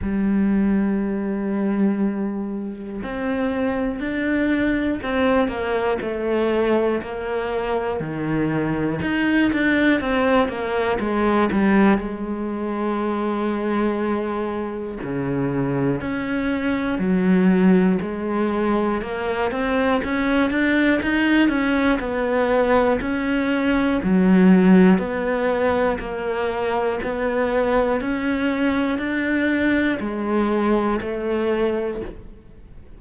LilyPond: \new Staff \with { instrumentName = "cello" } { \time 4/4 \tempo 4 = 60 g2. c'4 | d'4 c'8 ais8 a4 ais4 | dis4 dis'8 d'8 c'8 ais8 gis8 g8 | gis2. cis4 |
cis'4 fis4 gis4 ais8 c'8 | cis'8 d'8 dis'8 cis'8 b4 cis'4 | fis4 b4 ais4 b4 | cis'4 d'4 gis4 a4 | }